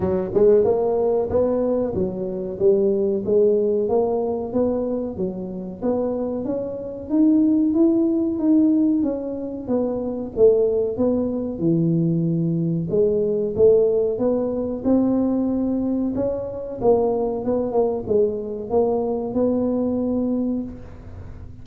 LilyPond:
\new Staff \with { instrumentName = "tuba" } { \time 4/4 \tempo 4 = 93 fis8 gis8 ais4 b4 fis4 | g4 gis4 ais4 b4 | fis4 b4 cis'4 dis'4 | e'4 dis'4 cis'4 b4 |
a4 b4 e2 | gis4 a4 b4 c'4~ | c'4 cis'4 ais4 b8 ais8 | gis4 ais4 b2 | }